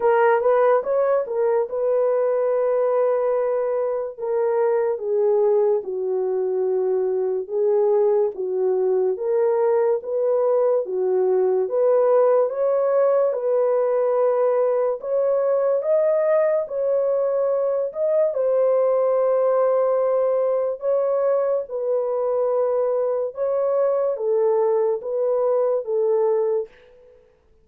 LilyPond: \new Staff \with { instrumentName = "horn" } { \time 4/4 \tempo 4 = 72 ais'8 b'8 cis''8 ais'8 b'2~ | b'4 ais'4 gis'4 fis'4~ | fis'4 gis'4 fis'4 ais'4 | b'4 fis'4 b'4 cis''4 |
b'2 cis''4 dis''4 | cis''4. dis''8 c''2~ | c''4 cis''4 b'2 | cis''4 a'4 b'4 a'4 | }